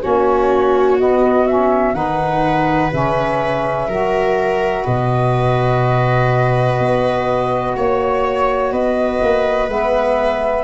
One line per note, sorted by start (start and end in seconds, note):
0.00 0.99 A#3
0.00 0.97 C#4
0.00 1.95 F#4
0.00 0.98 C#5
0.98 1.46 B3
0.98 1.93 B3
0.98 1.47 D#5
1.47 1.93 C#4
1.47 1.94 E5
1.93 2.90 D#3
1.93 2.90 D#4
1.93 3.88 B4
1.93 2.91 F#5
2.92 3.87 C#3
2.92 3.89 C#4
2.92 4.85 E5
3.87 4.84 F#3
3.87 9.68 F#4
3.87 4.84 A#4
4.84 6.78 B2
4.84 7.75 B4
4.84 7.75 D#5
6.78 7.75 B3
7.75 8.71 A#3
7.75 8.72 C#5
8.71 9.20 B3
8.71 10.64 B4
8.71 9.69 D#5
9.22 9.68 A#3
9.68 10.64 G#3
9.68 10.64 B3
9.68 10.64 E5